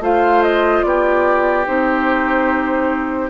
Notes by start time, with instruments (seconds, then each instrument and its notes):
0.00 bassoon A3, clarinet F4, oboe C5, flute F5
0.43 flute D#5
0.83 bassoon B3, oboe G4, flute D5
1.66 bassoon C4, clarinet D#4, flute C5